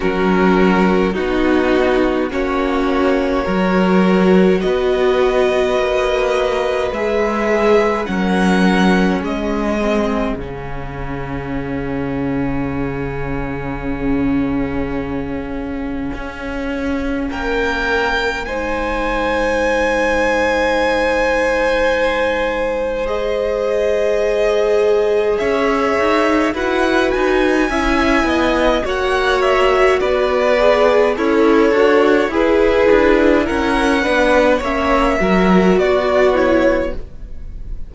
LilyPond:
<<
  \new Staff \with { instrumentName = "violin" } { \time 4/4 \tempo 4 = 52 ais'4 fis'4 cis''2 | dis''2 e''4 fis''4 | dis''4 f''2.~ | f''2. g''4 |
gis''1 | dis''2 e''4 fis''8 gis''8~ | gis''4 fis''8 e''8 d''4 cis''4 | b'4 fis''4 e''4 d''8 cis''8 | }
  \new Staff \with { instrumentName = "violin" } { \time 4/4 fis'4 dis'4 fis'4 ais'4 | b'2. ais'4 | gis'1~ | gis'2. ais'4 |
c''1~ | c''2 cis''4 b'4 | e''8 dis''8 cis''4 b'4 e'8 fis'8 | gis'4 ais'8 b'8 cis''8 ais'8 fis'4 | }
  \new Staff \with { instrumentName = "viola" } { \time 4/4 cis'4 dis'4 cis'4 fis'4~ | fis'2 gis'4 cis'4~ | cis'8 c'8 cis'2.~ | cis'1 |
dis'1 | gis'2. fis'4 | e'4 fis'4. gis'8 a'4 | e'4. d'8 cis'8 fis'4 e'8 | }
  \new Staff \with { instrumentName = "cello" } { \time 4/4 fis4 b4 ais4 fis4 | b4 ais4 gis4 fis4 | gis4 cis2.~ | cis2 cis'4 ais4 |
gis1~ | gis2 cis'8 dis'8 e'8 dis'8 | cis'8 b8 ais4 b4 cis'8 d'8 | e'8 d'8 cis'8 b8 ais8 fis8 b4 | }
>>